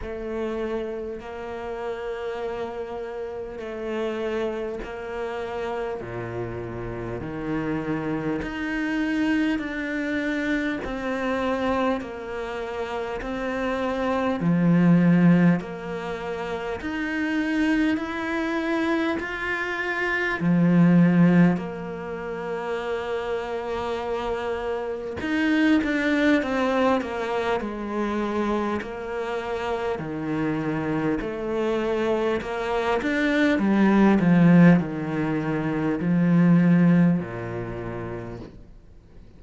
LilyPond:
\new Staff \with { instrumentName = "cello" } { \time 4/4 \tempo 4 = 50 a4 ais2 a4 | ais4 ais,4 dis4 dis'4 | d'4 c'4 ais4 c'4 | f4 ais4 dis'4 e'4 |
f'4 f4 ais2~ | ais4 dis'8 d'8 c'8 ais8 gis4 | ais4 dis4 a4 ais8 d'8 | g8 f8 dis4 f4 ais,4 | }